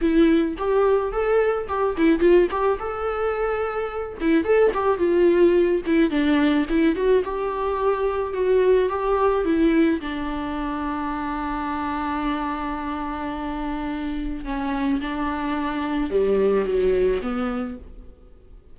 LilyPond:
\new Staff \with { instrumentName = "viola" } { \time 4/4 \tempo 4 = 108 e'4 g'4 a'4 g'8 e'8 | f'8 g'8 a'2~ a'8 e'8 | a'8 g'8 f'4. e'8 d'4 | e'8 fis'8 g'2 fis'4 |
g'4 e'4 d'2~ | d'1~ | d'2 cis'4 d'4~ | d'4 g4 fis4 b4 | }